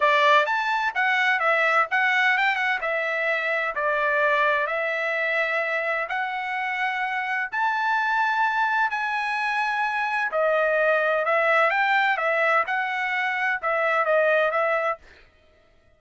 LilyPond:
\new Staff \with { instrumentName = "trumpet" } { \time 4/4 \tempo 4 = 128 d''4 a''4 fis''4 e''4 | fis''4 g''8 fis''8 e''2 | d''2 e''2~ | e''4 fis''2. |
a''2. gis''4~ | gis''2 dis''2 | e''4 g''4 e''4 fis''4~ | fis''4 e''4 dis''4 e''4 | }